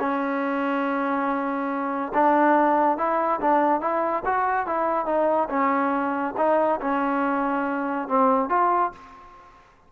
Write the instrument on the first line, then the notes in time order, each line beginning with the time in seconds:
trombone
0.00 C#4
2.14 D4
2.98 E4
3.41 D4
3.81 E4
4.26 F#4
4.67 E4
5.06 D#4
5.50 C#4
6.38 D#4
6.81 C#4
8.08 C4
8.50 F4